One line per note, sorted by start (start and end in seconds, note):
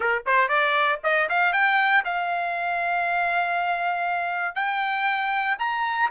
0.00 0.22 A#4
0.25 0.48 C5
0.48 0.99 D5
1.03 1.29 D#5
1.29 1.52 F5
1.52 2.03 G5
2.04 4.55 F5
4.55 5.57 G5
5.58 6.09 A#5